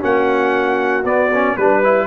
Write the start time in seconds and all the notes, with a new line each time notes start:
0.00 A#3 C#4 F#4 F#5
1.04 B3 D5
1.33 C#4
1.57 G3 D4 B4
1.84 E4